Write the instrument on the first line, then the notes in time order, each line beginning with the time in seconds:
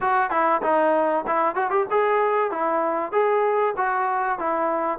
trombone
0.00 F#4
0.30 E4
0.62 D#4
1.26 E4
1.55 F#4
1.70 G4
1.90 G#4
2.51 E4
3.12 G#4
3.76 F#4
4.38 E4